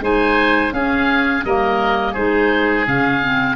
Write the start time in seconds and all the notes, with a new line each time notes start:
0.00 G#3 D#4 C5 G#5
0.72 C#4 G#4 F5
1.44 G3 A#3 A#4 D#5
2.12 G#3 D#4 G#4 C5
2.86 C#3 C#4 F5
3.21 C4